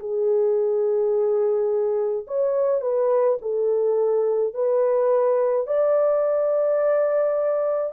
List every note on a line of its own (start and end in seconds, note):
0.00 2.26 G#4
2.27 2.81 C#5
2.81 3.38 B4
3.42 4.54 A4
4.54 5.67 B4
5.67 7.93 D5